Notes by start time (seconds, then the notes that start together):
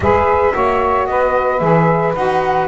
0.00 G#3 G#4 B4 E5
0.51 A#3 F#4 C#5
1.05 B3 B4 D#5
1.58 E3 G#4 E5
2.14 D#4 F#4 F#5